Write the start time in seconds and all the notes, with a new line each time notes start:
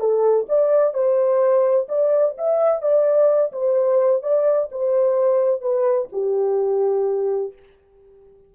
0.00 A4
0.49 D5
0.94 C5
1.89 D5
2.38 E5
2.82 D5
3.52 C5
4.23 D5
4.72 C5
5.62 B4
6.12 G4